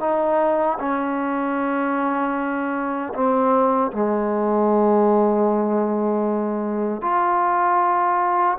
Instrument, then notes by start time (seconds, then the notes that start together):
trombone
0.00 D#4
0.79 C#4
3.13 C4
3.92 G#3
7.02 F4